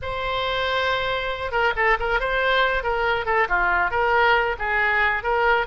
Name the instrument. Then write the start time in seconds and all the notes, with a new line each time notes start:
oboe
0.01 C5
1.51 A#4
1.75 A4
1.99 A#4
2.20 C5
2.83 A#4
3.25 A4
3.48 F4
3.90 A#4
4.58 G#4
5.23 A#4